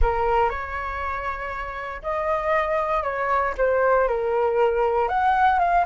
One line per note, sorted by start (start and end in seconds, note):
0.01 0.49 A#4
0.49 2.02 C#5
2.02 3.03 D#5
3.03 3.53 C#5
3.57 4.08 C5
4.08 5.08 A#4
5.08 5.59 F#5
5.59 5.84 F5